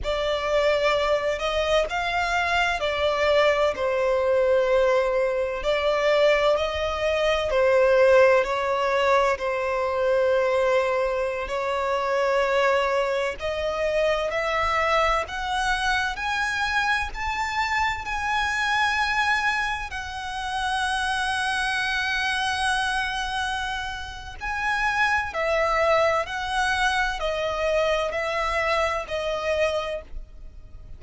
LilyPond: \new Staff \with { instrumentName = "violin" } { \time 4/4 \tempo 4 = 64 d''4. dis''8 f''4 d''4 | c''2 d''4 dis''4 | c''4 cis''4 c''2~ | c''16 cis''2 dis''4 e''8.~ |
e''16 fis''4 gis''4 a''4 gis''8.~ | gis''4~ gis''16 fis''2~ fis''8.~ | fis''2 gis''4 e''4 | fis''4 dis''4 e''4 dis''4 | }